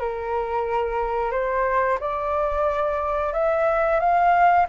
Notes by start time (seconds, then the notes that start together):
0.00 A#4
1.32 C5
2.00 D5
3.33 E5
4.00 F5